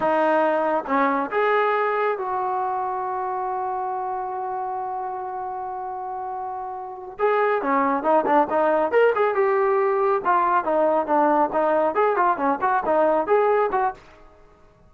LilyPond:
\new Staff \with { instrumentName = "trombone" } { \time 4/4 \tempo 4 = 138 dis'2 cis'4 gis'4~ | gis'4 fis'2.~ | fis'1~ | fis'1~ |
fis'8 gis'4 cis'4 dis'8 d'8 dis'8~ | dis'8 ais'8 gis'8 g'2 f'8~ | f'8 dis'4 d'4 dis'4 gis'8 | f'8 cis'8 fis'8 dis'4 gis'4 fis'8 | }